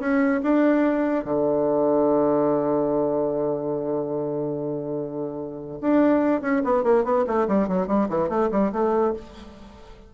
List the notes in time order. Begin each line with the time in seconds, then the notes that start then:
0.00 C#4
0.43 D4
1.25 D3
5.81 D4
6.42 C#4
6.64 B3
6.84 A#3
7.05 B3
7.27 A3
7.48 G3
7.69 F#3
7.88 G3
8.09 E3
8.29 A3
8.52 G3
8.73 A3